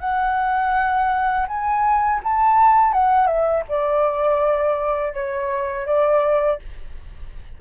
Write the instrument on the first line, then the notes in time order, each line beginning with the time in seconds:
flute
0.00 F#5
1.48 G#5
2.24 A5
2.93 F#5
3.27 E5
3.68 D5
5.14 C#5
5.86 D5